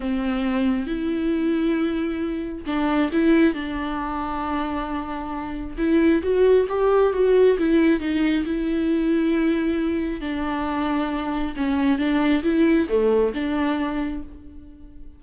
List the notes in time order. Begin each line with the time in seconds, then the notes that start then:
0.00 C4
0.86 E4
2.66 D4
3.12 E4
3.54 D4
5.77 E4
6.22 F#4
6.68 G4
7.13 F#4
7.58 E4
8.00 D#4
8.45 E4
10.21 D4
11.56 C#4
11.98 D4
12.43 E4
12.88 A3
13.33 D4